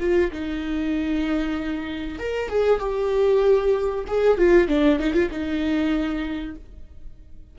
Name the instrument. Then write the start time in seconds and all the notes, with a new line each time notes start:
viola
0.00 F4
0.32 D#4
2.19 A#4
2.49 G#4
2.80 G4
4.07 G#4
4.38 F4
4.68 D4
4.99 D#4
5.14 F4
5.31 D#4